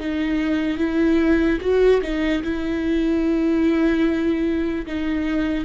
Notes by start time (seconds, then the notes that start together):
0.00 D#4
0.78 E4
1.61 F#4
2.02 D#4
2.43 E4
4.86 D#4